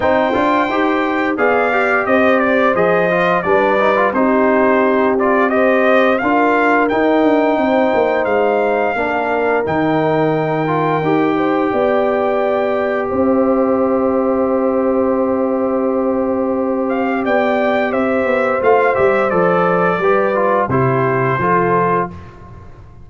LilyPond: <<
  \new Staff \with { instrumentName = "trumpet" } { \time 4/4 \tempo 4 = 87 g''2 f''4 dis''8 d''8 | dis''4 d''4 c''4. d''8 | dis''4 f''4 g''2 | f''2 g''2~ |
g''2. e''4~ | e''1~ | e''8 f''8 g''4 e''4 f''8 e''8 | d''2 c''2 | }
  \new Staff \with { instrumentName = "horn" } { \time 4/4 c''2 d''4 c''4~ | c''4 b'4 g'2 | c''4 ais'2 c''4~ | c''4 ais'2.~ |
ais'8 c''8 d''2 c''4~ | c''1~ | c''4 d''4 c''2~ | c''4 b'4 g'4 a'4 | }
  \new Staff \with { instrumentName = "trombone" } { \time 4/4 dis'8 f'8 g'4 gis'8 g'4. | gis'8 f'8 d'8 dis'16 f'16 dis'4. f'8 | g'4 f'4 dis'2~ | dis'4 d'4 dis'4. f'8 |
g'1~ | g'1~ | g'2. f'8 g'8 | a'4 g'8 f'8 e'4 f'4 | }
  \new Staff \with { instrumentName = "tuba" } { \time 4/4 c'8 d'8 dis'4 b4 c'4 | f4 g4 c'2~ | c'4 d'4 dis'8 d'8 c'8 ais8 | gis4 ais4 dis2 |
dis'4 b2 c'4~ | c'1~ | c'4 b4 c'8 b8 a8 g8 | f4 g4 c4 f4 | }
>>